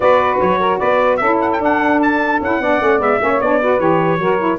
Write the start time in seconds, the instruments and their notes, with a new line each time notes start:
0.00 tuba B3, saxophone F#4 B4, trumpet D5
0.40 tuba F#3, trumpet C#5
0.59 saxophone A#4
0.78 tuba B3, saxophone B4, trumpet D5
1.16 tuba C#4, saxophone A4, trumpet E5
1.23 saxophone E4
1.40 trumpet F#5
1.52 trumpet G5
1.58 saxophone D4, tuba D4, trumpet F#5
2.02 trumpet A5
2.40 tuba C#4, saxophone E4, trumpet F#5
2.60 tuba B3, saxophone D4 D5
2.80 tuba A3, saxophone C#4
2.98 tuba G#3, saxophone B3, trumpet E5
3.20 tuba A#3, saxophone C#4 C#5
3.40 tuba B3, saxophone D4, trumpet D5
3.60 saxophone F#4 B4
3.78 tuba E3, saxophone G4, trumpet C#5
4.18 tuba F#3, saxophone F#4 A#4
4.38 saxophone E4